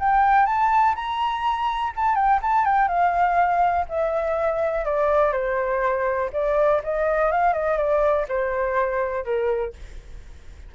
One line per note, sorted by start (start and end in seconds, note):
0.00 0.46 G5
0.46 0.95 A5
0.96 1.93 A#5
1.96 2.16 A5
2.16 2.40 G5
2.42 2.66 A5
2.66 2.88 G5
2.88 3.86 F5
3.89 4.86 E5
4.86 5.33 D5
5.33 6.31 C5
6.33 6.82 D5
6.84 7.32 D#5
7.32 7.54 F5
7.54 7.78 D#5
7.78 8.26 D5
8.29 9.25 C5
9.25 9.74 A#4